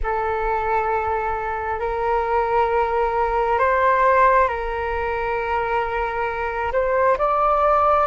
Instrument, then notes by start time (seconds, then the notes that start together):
flute
0.03 A4
1.79 A#4
3.59 C5
4.48 A#4
6.72 C5
7.18 D5